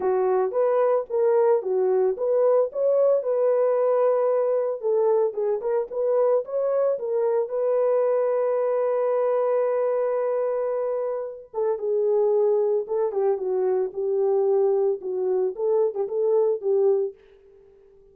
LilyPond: \new Staff \with { instrumentName = "horn" } { \time 4/4 \tempo 4 = 112 fis'4 b'4 ais'4 fis'4 | b'4 cis''4 b'2~ | b'4 a'4 gis'8 ais'8 b'4 | cis''4 ais'4 b'2~ |
b'1~ | b'4. a'8 gis'2 | a'8 g'8 fis'4 g'2 | fis'4 a'8. g'16 a'4 g'4 | }